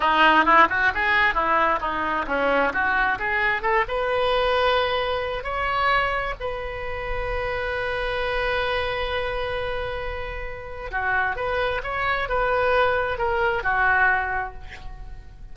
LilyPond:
\new Staff \with { instrumentName = "oboe" } { \time 4/4 \tempo 4 = 132 dis'4 e'8 fis'8 gis'4 e'4 | dis'4 cis'4 fis'4 gis'4 | a'8 b'2.~ b'8 | cis''2 b'2~ |
b'1~ | b'1 | fis'4 b'4 cis''4 b'4~ | b'4 ais'4 fis'2 | }